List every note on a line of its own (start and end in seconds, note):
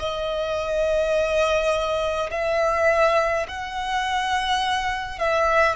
0.00 2.31 D#5
2.31 3.47 E5
3.49 5.19 F#5
5.19 5.76 E5